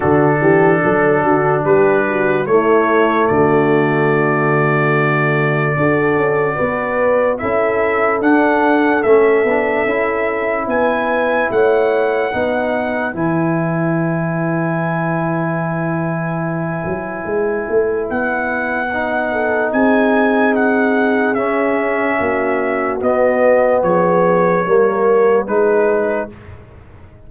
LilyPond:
<<
  \new Staff \with { instrumentName = "trumpet" } { \time 4/4 \tempo 4 = 73 a'2 b'4 cis''4 | d''1~ | d''4 e''4 fis''4 e''4~ | e''4 gis''4 fis''2 |
gis''1~ | gis''2 fis''2 | gis''4 fis''4 e''2 | dis''4 cis''2 b'4 | }
  \new Staff \with { instrumentName = "horn" } { \time 4/4 fis'8 g'8 a'8 fis'8 g'8 fis'8 e'4 | fis'2. a'4 | b'4 a'2.~ | a'4 b'4 cis''4 b'4~ |
b'1~ | b'2.~ b'8 a'8 | gis'2. fis'4~ | fis'4 gis'4 ais'4 gis'4 | }
  \new Staff \with { instrumentName = "trombone" } { \time 4/4 d'2. a4~ | a2. fis'4~ | fis'4 e'4 d'4 cis'8 d'8 | e'2. dis'4 |
e'1~ | e'2. dis'4~ | dis'2 cis'2 | b2 ais4 dis'4 | }
  \new Staff \with { instrumentName = "tuba" } { \time 4/4 d8 e8 fis8 d8 g4 a4 | d2. d'8 cis'8 | b4 cis'4 d'4 a8 b8 | cis'4 b4 a4 b4 |
e1~ | e8 fis8 gis8 a8 b2 | c'2 cis'4 ais4 | b4 f4 g4 gis4 | }
>>